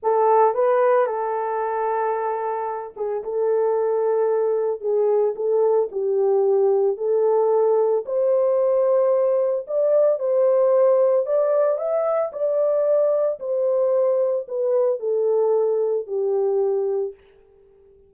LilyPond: \new Staff \with { instrumentName = "horn" } { \time 4/4 \tempo 4 = 112 a'4 b'4 a'2~ | a'4. gis'8 a'2~ | a'4 gis'4 a'4 g'4~ | g'4 a'2 c''4~ |
c''2 d''4 c''4~ | c''4 d''4 e''4 d''4~ | d''4 c''2 b'4 | a'2 g'2 | }